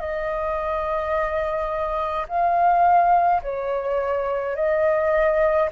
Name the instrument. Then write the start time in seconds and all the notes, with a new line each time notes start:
flute
0.00 D#5
2.28 F5
3.43 C#5
4.56 D#5